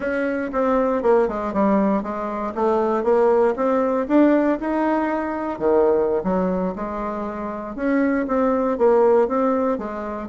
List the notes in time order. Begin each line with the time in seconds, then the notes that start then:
0.00 C#4
0.52 C4
1.02 A#3
1.28 G#3
1.53 G3
2.02 G#3
2.54 A3
3.03 A#3
3.55 C4
4.08 D4
4.59 D#4
5.58 D#3
6.23 F#3
6.75 G#3
7.75 C#4
8.27 C4
8.78 A#3
9.28 C4
9.78 G#3